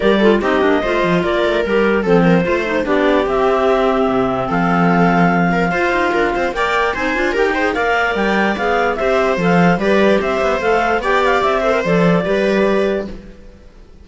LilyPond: <<
  \new Staff \with { instrumentName = "clarinet" } { \time 4/4 \tempo 4 = 147 d''4 dis''2 d''4 | ais'4 c''2 d''4 | e''2. f''4~ | f''1 |
g''4 gis''4 g''4 f''4 | g''4 f''4 e''4 f''4 | d''4 e''4 f''4 g''8 f''8 | e''4 d''2. | }
  \new Staff \with { instrumentName = "viola" } { \time 4/4 ais'8 a'8 g'4 c''4 ais'4~ | ais'4 a'8 ais'8 c''4 g'4~ | g'2. a'4~ | a'4. ais'8 c''4 ais'8 c''8 |
d''4 c''4 ais'8 c''8 d''4~ | d''2 c''2 | b'4 c''2 d''4~ | d''8 c''4. b'2 | }
  \new Staff \with { instrumentName = "clarinet" } { \time 4/4 g'8 f'8 dis'8 d'8 f'2 | g'4 c'4 f'8 dis'8 d'4 | c'1~ | c'2 f'2 |
ais'4 dis'8 f'8 g'8 gis'8 ais'4~ | ais'4 gis'4 g'4 a'4 | g'2 a'4 g'4~ | g'8 a'16 ais'16 a'4 g'2 | }
  \new Staff \with { instrumentName = "cello" } { \time 4/4 g4 c'8 ais8 a8 f8 ais8 a8 | g4 f4 a4 b4 | c'2 c4 f4~ | f2 f'8 dis'8 d'8 c'8 |
ais4 c'8 d'8 dis'4 ais4 | g4 b4 c'4 f4 | g4 c'8 b8 a4 b4 | c'4 f4 g2 | }
>>